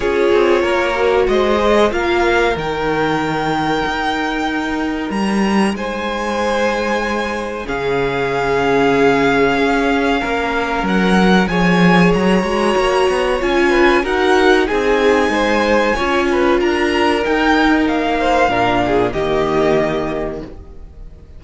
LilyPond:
<<
  \new Staff \with { instrumentName = "violin" } { \time 4/4 \tempo 4 = 94 cis''2 dis''4 f''4 | g''1 | ais''4 gis''2. | f''1~ |
f''4 fis''4 gis''4 ais''4~ | ais''4 gis''4 fis''4 gis''4~ | gis''2 ais''4 g''4 | f''2 dis''2 | }
  \new Staff \with { instrumentName = "violin" } { \time 4/4 gis'4 ais'4 c''4 ais'4~ | ais'1~ | ais'4 c''2. | gis'1 |
ais'2 cis''2~ | cis''4. b'8 ais'4 gis'4 | c''4 cis''8 b'8 ais'2~ | ais'8 c''8 ais'8 gis'8 g'2 | }
  \new Staff \with { instrumentName = "viola" } { \time 4/4 f'4. fis'4 gis'8 f'4 | dis'1~ | dis'1 | cis'1~ |
cis'2 gis'4. fis'8~ | fis'4 f'4 fis'4 dis'4~ | dis'4 f'2 dis'4~ | dis'4 d'4 ais2 | }
  \new Staff \with { instrumentName = "cello" } { \time 4/4 cis'8 c'8 ais4 gis4 ais4 | dis2 dis'2 | g4 gis2. | cis2. cis'4 |
ais4 fis4 f4 fis8 gis8 | ais8 b8 cis'4 dis'4 c'4 | gis4 cis'4 d'4 dis'4 | ais4 ais,4 dis2 | }
>>